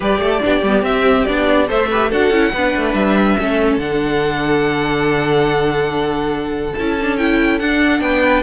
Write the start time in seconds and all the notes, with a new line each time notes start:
0.00 G3 G4 B4 D5
0.18 A3 A4
0.41 B3 D4 G4
0.62 G3 B3
0.81 C4 E5
1.25 B3 D4 D5
1.67 A3 A4 C5 E5
1.89 G4 B4
2.09 D4 F#4 A4 F#5
2.30 C#4 E4
2.53 B3 D4 B4
2.76 A3
2.94 G3 E5
3.39 A3 C#4 A4
3.77 D3 D4 F#5
6.74 C#4 E4 A5
7.02 D4
7.17 E4 G5
7.59 D4 F#5
8.01 B3 B4 G5